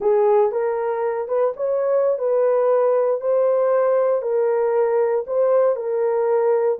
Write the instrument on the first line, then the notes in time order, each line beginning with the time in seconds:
horn
0.00 G#4
0.51 A#4
1.28 B4
1.56 C#5
2.18 B4
3.21 C5
4.22 A#4
5.26 C5
5.76 A#4